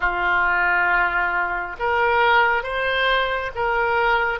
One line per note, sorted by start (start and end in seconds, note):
0.00 1.76 F4
1.79 2.63 A#4
2.63 3.51 C5
3.55 4.39 A#4